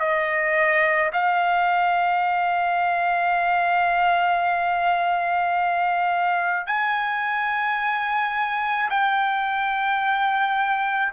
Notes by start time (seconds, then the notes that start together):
0.00 D#5
1.13 F5
6.67 G#5
8.90 G5